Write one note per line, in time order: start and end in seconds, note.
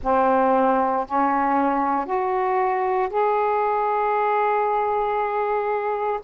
0.03 1.06 C4
1.06 2.05 C#4
2.05 3.09 F#4
3.09 6.20 G#4